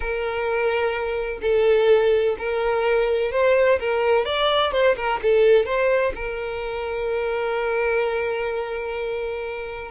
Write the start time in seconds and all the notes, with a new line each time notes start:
0.00 A#4
1.41 A4
2.38 A#4
3.31 C5
3.79 A#4
4.25 D5
4.71 C5
4.96 A#4
5.22 A4
5.65 C5
6.15 A#4